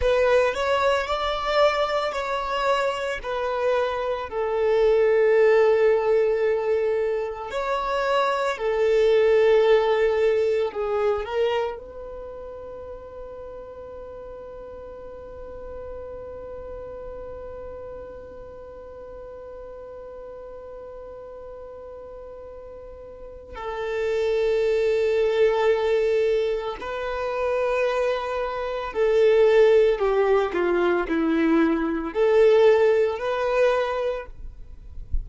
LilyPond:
\new Staff \with { instrumentName = "violin" } { \time 4/4 \tempo 4 = 56 b'8 cis''8 d''4 cis''4 b'4 | a'2. cis''4 | a'2 gis'8 ais'8 b'4~ | b'1~ |
b'1~ | b'2 a'2~ | a'4 b'2 a'4 | g'8 f'8 e'4 a'4 b'4 | }